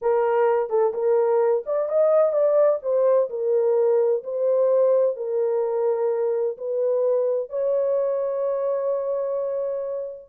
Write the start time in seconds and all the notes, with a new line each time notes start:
0.01 A#4
0.69 A4
0.93 A#4
1.66 D5
1.88 D#5
2.32 D5
2.82 C5
3.29 A#4
4.23 C5
5.16 A#4
6.57 B4
7.49 C#5